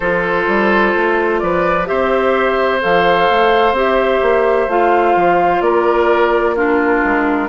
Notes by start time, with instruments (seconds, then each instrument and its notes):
0.00 bassoon F3, clarinet F4, oboe A4, flute C5
0.47 bassoon G3
0.96 bassoon A3
1.39 bassoon F3, oboe B4, flute D5
1.85 bassoon C4, clarinet G4, oboe C5, flute E5
2.80 bassoon F3, clarinet A4, flute F5
3.29 bassoon A3
3.72 bassoon C4, clarinet G4, flute E5
4.21 bassoon A#3
4.67 bassoon A3, clarinet F4, flute F5
5.15 bassoon F3
5.61 bassoon A#3, oboe A#4, flute D5
6.55 clarinet D4, oboe F4, flute A#4
7.04 bassoon G#3